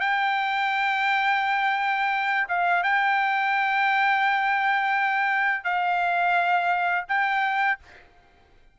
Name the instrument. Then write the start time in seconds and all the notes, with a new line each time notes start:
trumpet
0.00 G5
2.48 F5
2.83 G5
5.64 F5
7.08 G5